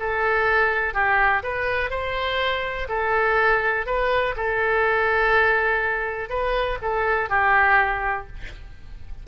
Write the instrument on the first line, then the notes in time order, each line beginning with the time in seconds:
oboe
0.00 A4
0.94 G4
1.43 B4
1.90 C5
2.89 A4
3.86 B4
4.36 A4
6.30 B4
6.82 A4
7.29 G4